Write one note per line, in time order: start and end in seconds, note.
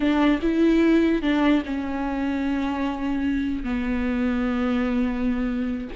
0.00 0.39 D4
0.42 1.22 E4
1.22 1.62 D4
1.65 3.63 C#4
3.63 5.88 B3